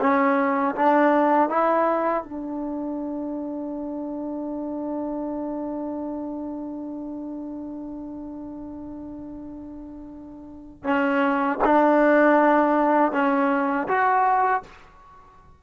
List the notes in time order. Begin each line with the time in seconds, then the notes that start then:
0.00 C#4
0.75 D4
1.49 E4
2.24 D4
10.83 C#4
11.64 D4
13.12 C#4
13.88 F#4